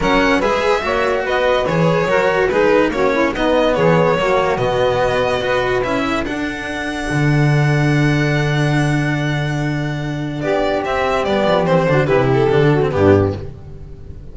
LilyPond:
<<
  \new Staff \with { instrumentName = "violin" } { \time 4/4 \tempo 4 = 144 fis''4 e''2 dis''4 | cis''2 b'4 cis''4 | dis''4 cis''2 dis''4~ | dis''2 e''4 fis''4~ |
fis''1~ | fis''1~ | fis''4 d''4 e''4 d''4 | c''4 b'8 a'4. g'4 | }
  \new Staff \with { instrumentName = "saxophone" } { \time 4/4 ais'4 b'4 cis''4 b'4~ | b'4 ais'4 gis'4 fis'8 e'8 | dis'4 gis'4 fis'2~ | fis'4 b'4. a'4.~ |
a'1~ | a'1~ | a'4 g'2.~ | g'8 fis'8 g'4. fis'8 d'4 | }
  \new Staff \with { instrumentName = "cello" } { \time 4/4 cis'4 gis'4 fis'2 | gis'4 fis'4 dis'4 cis'4 | b2 ais4 b4~ | b4 fis'4 e'4 d'4~ |
d'1~ | d'1~ | d'2 c'4 b4 | c'8 d'8 e'4 d'8. c'16 b4 | }
  \new Staff \with { instrumentName = "double bass" } { \time 4/4 fis4 gis4 ais4 b4 | e4 fis4 gis4 ais4 | b4 e4 fis4 b,4~ | b,4 b4 cis'4 d'4~ |
d'4 d2.~ | d1~ | d4 b4 c'4 g8 f8 | e8 d8 c4 d4 g,4 | }
>>